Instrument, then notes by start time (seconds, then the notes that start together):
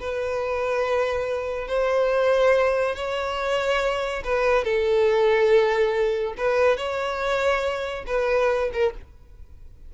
violin
0.00 B4
1.68 C5
2.96 C#5
4.25 B4
4.64 A4
6.38 B4
6.77 C#5
8.07 B4
8.73 A#4